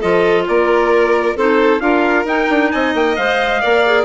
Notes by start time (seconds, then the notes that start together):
0.00 F3 F4 A4 D#5
0.48 A#3 A#4 D5
1.35 C4 D#4 A4 C5
1.80 D4 F4 A#4 F5
2.24 D#4 G5
2.49 D4
2.71 C4 D#5 G#5
2.94 A#3 G5
3.16 G#3 C5 F5
3.61 A#3 A#4 D5
3.86 G#4